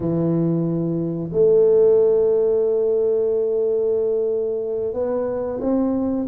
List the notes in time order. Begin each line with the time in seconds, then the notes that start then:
0.00 E3
1.32 A3
4.93 B3
5.60 C4